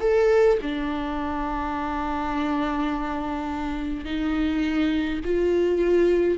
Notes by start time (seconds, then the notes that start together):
0.00 A4
0.62 D4
4.05 D#4
5.24 F4